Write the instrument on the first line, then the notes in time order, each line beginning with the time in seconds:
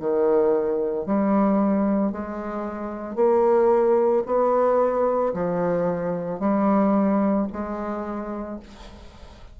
bassoon
0.00 D#3
1.06 G3
2.12 G#3
3.16 A#3
4.26 B3
5.34 F3
6.40 G3
7.53 G#3